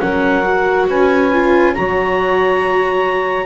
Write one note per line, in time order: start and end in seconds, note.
0.00 0.89 F#3
0.00 0.43 C#4
0.00 0.88 A#4
0.00 0.87 F#5
0.44 1.31 F#4
0.88 1.76 C#4
0.88 1.75 B4
0.88 1.75 G#5
1.33 1.76 F4
1.75 3.46 F#3
1.75 3.46 F#4
1.75 3.46 C#5
1.75 3.46 A#5